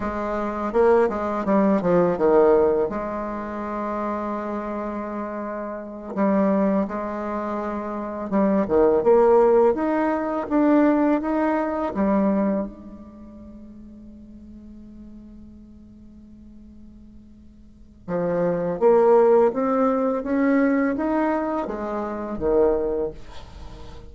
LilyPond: \new Staff \with { instrumentName = "bassoon" } { \time 4/4 \tempo 4 = 83 gis4 ais8 gis8 g8 f8 dis4 | gis1~ | gis8 g4 gis2 g8 | dis8 ais4 dis'4 d'4 dis'8~ |
dis'8 g4 gis2~ gis8~ | gis1~ | gis4 f4 ais4 c'4 | cis'4 dis'4 gis4 dis4 | }